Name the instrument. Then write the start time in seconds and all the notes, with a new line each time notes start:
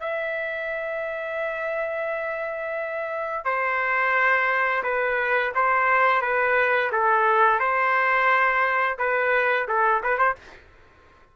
trumpet
0.00 E5
3.45 C5
4.83 B4
5.55 C5
6.21 B4
6.92 A4
7.59 C5
8.98 B4
9.68 A4
10.03 B4
10.18 C5